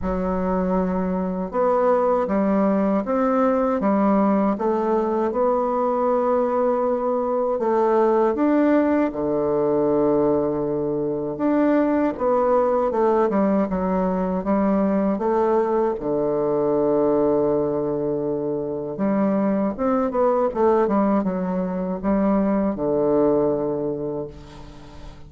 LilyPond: \new Staff \with { instrumentName = "bassoon" } { \time 4/4 \tempo 4 = 79 fis2 b4 g4 | c'4 g4 a4 b4~ | b2 a4 d'4 | d2. d'4 |
b4 a8 g8 fis4 g4 | a4 d2.~ | d4 g4 c'8 b8 a8 g8 | fis4 g4 d2 | }